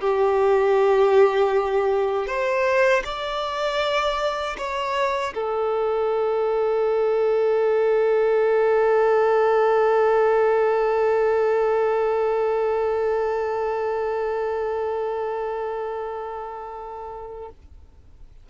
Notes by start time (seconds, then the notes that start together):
0.00 G4
2.27 C5
3.04 D5
4.57 C#5
5.34 A4